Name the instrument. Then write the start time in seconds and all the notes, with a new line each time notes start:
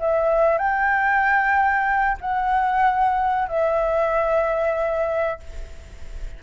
flute
0.00 E5
0.58 G5
2.21 F#5
3.49 E5